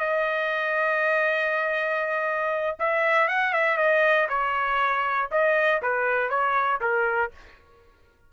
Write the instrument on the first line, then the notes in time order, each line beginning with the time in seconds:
trumpet
0.00 D#5
2.80 E5
3.29 F#5
3.54 E5
3.78 D#5
4.29 C#5
5.32 D#5
5.82 B4
6.30 C#5
6.81 A#4